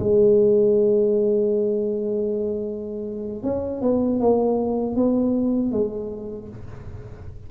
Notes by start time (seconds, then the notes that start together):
0.00 G#3
3.43 C#4
3.82 B3
4.20 A#3
4.96 B3
5.72 G#3